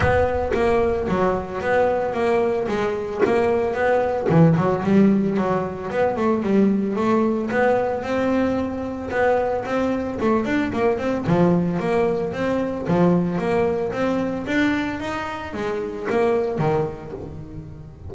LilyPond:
\new Staff \with { instrumentName = "double bass" } { \time 4/4 \tempo 4 = 112 b4 ais4 fis4 b4 | ais4 gis4 ais4 b4 | e8 fis8 g4 fis4 b8 a8 | g4 a4 b4 c'4~ |
c'4 b4 c'4 a8 d'8 | ais8 c'8 f4 ais4 c'4 | f4 ais4 c'4 d'4 | dis'4 gis4 ais4 dis4 | }